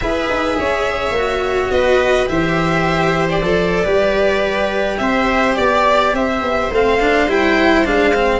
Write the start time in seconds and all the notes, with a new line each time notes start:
0.00 E4 G#4 B4 E5
0.29 D#4
0.58 C#4 C#5
1.10 A#3 F#4
1.70 B3 B4 D#5
2.27 E3 G4 C5 E5
3.29 D5
3.41 F3 A4
3.83 G3 G4 B4
4.97 C4 C5 E5
5.55 B3 D5
6.13 C4 C5 E5
6.41 B3
6.70 A3 C4 F5
7.00 D4
7.27 G3 E4 G5
7.84 G#3 D4 F5
8.14 C4